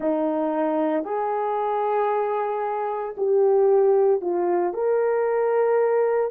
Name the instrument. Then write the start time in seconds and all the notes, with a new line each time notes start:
horn
0.00 D#4
1.04 G#4
3.17 G4
4.21 F4
4.73 A#4